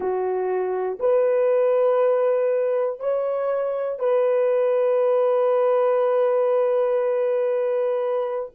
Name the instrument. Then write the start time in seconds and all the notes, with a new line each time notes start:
horn
0.00 F#4
1.00 B4
2.99 C#5
3.99 B4